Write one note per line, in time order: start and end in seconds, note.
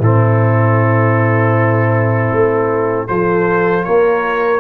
0.00 2.31 A2
0.00 3.08 C4
0.00 3.08 E4
0.00 3.08 A4
2.31 3.08 A3
3.08 3.87 F3
3.08 4.60 F4
3.08 3.85 A4
3.08 3.84 C5
3.84 4.60 A#3
3.84 4.60 A#4
3.84 4.60 C#5